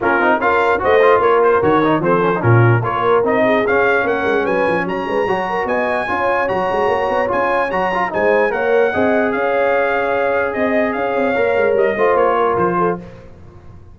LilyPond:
<<
  \new Staff \with { instrumentName = "trumpet" } { \time 4/4 \tempo 4 = 148 ais'4 f''4 dis''4 cis''8 c''8 | cis''4 c''4 ais'4 cis''4 | dis''4 f''4 fis''4 gis''4 | ais''2 gis''2 |
ais''2 gis''4 ais''4 | gis''4 fis''2 f''4~ | f''2 dis''4 f''4~ | f''4 dis''4 cis''4 c''4 | }
  \new Staff \with { instrumentName = "horn" } { \time 4/4 f'4 ais'4 c''4 ais'4~ | ais'4 a'4 f'4 ais'4~ | ais'8 gis'4. ais'4 b'4 | cis''8 b'8 cis''8 ais'8 dis''4 cis''4~ |
cis''1 | c''4 cis''4 dis''4 cis''4~ | cis''2 dis''4 cis''4~ | cis''4. c''4 ais'4 a'8 | }
  \new Staff \with { instrumentName = "trombone" } { \time 4/4 cis'8 dis'8 f'4 fis'8 f'4. | fis'8 dis'8 c'8 cis'16 dis'16 cis'4 f'4 | dis'4 cis'2.~ | cis'4 fis'2 f'4 |
fis'2 f'4 fis'8 f'8 | dis'4 ais'4 gis'2~ | gis'1 | ais'4. f'2~ f'8 | }
  \new Staff \with { instrumentName = "tuba" } { \time 4/4 ais8 c'8 cis'4 a4 ais4 | dis4 f4 ais,4 ais4 | c'4 cis'4 ais8 gis8 fis8 f8 | fis8 gis8 fis4 b4 cis'4 |
fis8 gis8 ais8 b8 cis'4 fis4 | gis4 ais4 c'4 cis'4~ | cis'2 c'4 cis'8 c'8 | ais8 gis8 g8 a8 ais4 f4 | }
>>